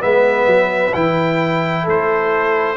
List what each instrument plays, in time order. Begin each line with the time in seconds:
0.00 tuba G#3, trombone B3, horn B4, trumpet E5
0.46 tuba F#3
0.94 tuba E3, trombone E4, trumpet G5
1.84 tuba A3, horn A4, trumpet C5